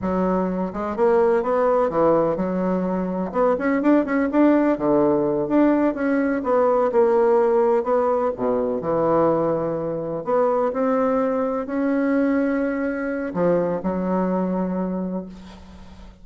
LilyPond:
\new Staff \with { instrumentName = "bassoon" } { \time 4/4 \tempo 4 = 126 fis4. gis8 ais4 b4 | e4 fis2 b8 cis'8 | d'8 cis'8 d'4 d4. d'8~ | d'8 cis'4 b4 ais4.~ |
ais8 b4 b,4 e4.~ | e4. b4 c'4.~ | c'8 cis'2.~ cis'8 | f4 fis2. | }